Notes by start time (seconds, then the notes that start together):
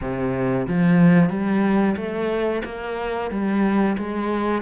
0.01 C3
0.67 F3
1.29 G3
1.96 A3
2.65 A#3
3.31 G3
3.97 G#3